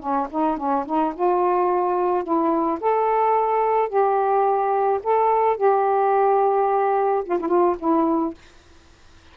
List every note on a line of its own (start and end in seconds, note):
0.00 0.28 C#4
0.31 0.58 D#4
0.58 0.86 C#4
0.86 1.14 D#4
1.15 2.24 F4
2.24 2.79 E4
2.81 3.89 A4
3.89 5.00 G4
5.04 5.57 A4
5.57 7.24 G4
7.26 7.40 F4
7.40 7.48 E4
7.48 7.76 F4
7.79 8.35 E4